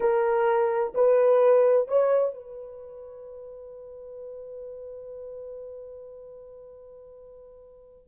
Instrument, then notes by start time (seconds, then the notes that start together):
horn
0.00 A#4
0.94 B4
1.87 C#5
2.34 B4